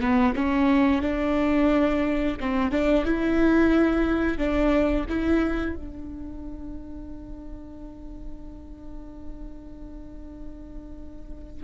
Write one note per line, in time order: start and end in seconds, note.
0.00 0.34 B3
0.36 1.02 C#4
1.02 2.37 D4
2.40 2.72 C4
2.72 3.05 D4
3.05 4.38 E4
4.38 5.05 D4
5.09 5.76 E4
5.76 11.64 D4